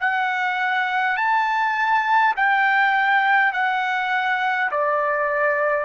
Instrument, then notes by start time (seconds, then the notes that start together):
trumpet
0.00 F#5
1.17 A5
2.36 G5
3.53 F#5
4.71 D5